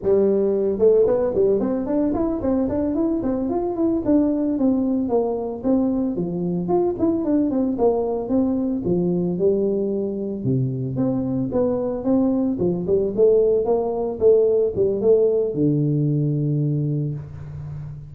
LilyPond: \new Staff \with { instrumentName = "tuba" } { \time 4/4 \tempo 4 = 112 g4. a8 b8 g8 c'8 d'8 | e'8 c'8 d'8 e'8 c'8 f'8 e'8 d'8~ | d'8 c'4 ais4 c'4 f8~ | f8 f'8 e'8 d'8 c'8 ais4 c'8~ |
c'8 f4 g2 c8~ | c8 c'4 b4 c'4 f8 | g8 a4 ais4 a4 g8 | a4 d2. | }